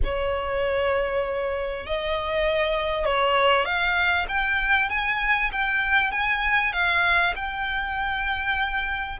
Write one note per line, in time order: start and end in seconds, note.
0.03 1.86 C#5
1.86 3.05 D#5
3.05 3.65 C#5
3.65 4.26 F5
4.28 4.89 G5
4.89 5.50 G#5
5.52 6.11 G5
6.11 6.72 G#5
6.73 7.34 F5
7.35 9.19 G5